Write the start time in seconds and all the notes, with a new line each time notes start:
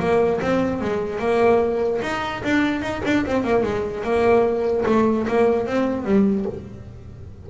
0.00 A#3
0.42 C4
0.81 G#3
1.19 A#3
2.03 D#4
2.45 D4
2.82 D#4
3.06 D4
3.26 C4
3.44 A#3
3.63 G#3
4.04 A#3
4.86 A3
5.28 A#3
5.67 C4
6.05 G3